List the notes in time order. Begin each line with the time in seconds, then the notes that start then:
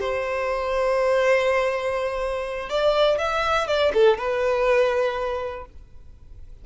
0.00 C5
2.69 D5
3.18 E5
3.67 D5
3.94 A4
4.18 B4